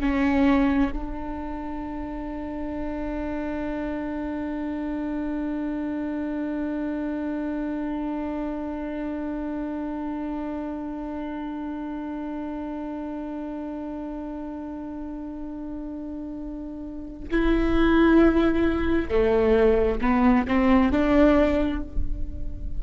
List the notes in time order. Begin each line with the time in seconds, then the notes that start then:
0.00 C#4
0.92 D4
17.31 E4
19.09 A3
20.01 B3
20.47 C4
20.91 D4